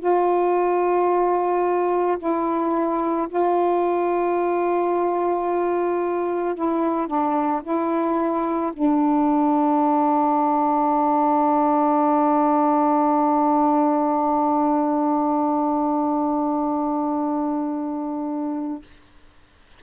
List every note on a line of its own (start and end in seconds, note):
0.00 2.18 F4
2.19 3.28 E4
3.29 6.55 F4
6.55 7.08 E4
7.08 7.62 D4
7.64 8.73 E4
8.74 18.83 D4